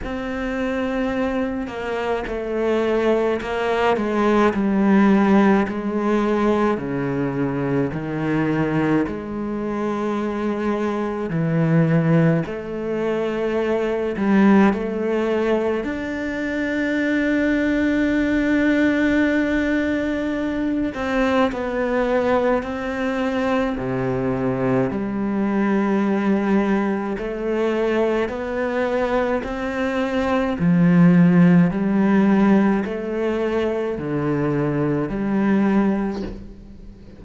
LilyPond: \new Staff \with { instrumentName = "cello" } { \time 4/4 \tempo 4 = 53 c'4. ais8 a4 ais8 gis8 | g4 gis4 cis4 dis4 | gis2 e4 a4~ | a8 g8 a4 d'2~ |
d'2~ d'8 c'8 b4 | c'4 c4 g2 | a4 b4 c'4 f4 | g4 a4 d4 g4 | }